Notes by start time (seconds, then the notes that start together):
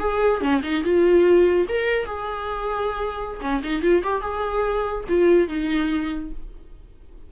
0.00 G#4
0.41 C#4
0.64 D#4
0.84 F4
1.69 A#4
2.06 G#4
3.42 C#4
3.64 D#4
3.83 F4
4.04 G4
4.22 G#4
5.09 F4
5.48 D#4